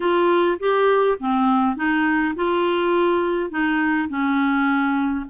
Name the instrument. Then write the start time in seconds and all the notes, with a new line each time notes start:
clarinet
0.00 F4
0.59 G4
1.19 C4
1.76 D#4
2.35 F4
3.50 D#4
4.08 C#4